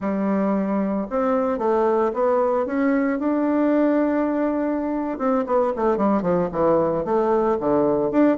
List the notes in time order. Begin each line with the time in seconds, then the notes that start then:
0.00 G3
1.10 C4
1.58 A3
2.13 B3
2.65 C#4
3.19 D4
5.18 C4
5.46 B3
5.75 A3
5.97 G3
6.22 F3
6.52 E3
7.04 A3
7.60 D3
8.11 D4